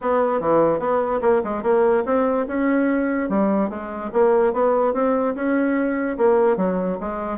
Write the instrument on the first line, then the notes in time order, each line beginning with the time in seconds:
bassoon
0.01 B3
0.40 E3
0.79 B3
1.21 A#3
1.44 G#3
1.62 A#3
2.05 C4
2.47 C#4
3.29 G3
3.69 G#3
4.12 A#3
4.53 B3
4.93 C4
5.35 C#4
6.17 A#3
6.56 F#3
7.00 G#3